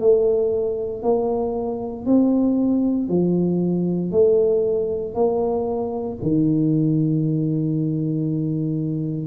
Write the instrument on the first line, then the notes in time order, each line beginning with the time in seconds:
tuba
0.00 A3
1.03 A#3
2.06 C4
3.09 F3
4.12 A3
5.15 A#3
6.23 D#3